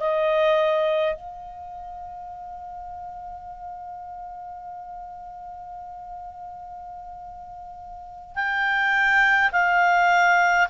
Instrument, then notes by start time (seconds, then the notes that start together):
clarinet
0.00 D#5
1.15 F5
8.35 G5
9.52 F5